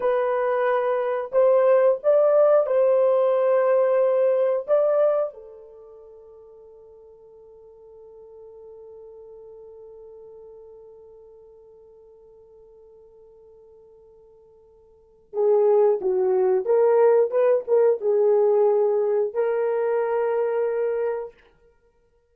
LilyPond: \new Staff \with { instrumentName = "horn" } { \time 4/4 \tempo 4 = 90 b'2 c''4 d''4 | c''2. d''4 | a'1~ | a'1~ |
a'1~ | a'2. gis'4 | fis'4 ais'4 b'8 ais'8 gis'4~ | gis'4 ais'2. | }